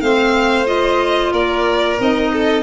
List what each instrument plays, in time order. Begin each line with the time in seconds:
0.00 tuba A3, clarinet C4, violin C5 F5
0.66 clarinet F4, violin D#5
1.32 tuba A#3, violin A#4 D5
1.99 tuba C4, clarinet D#4, violin D#5
2.32 violin A4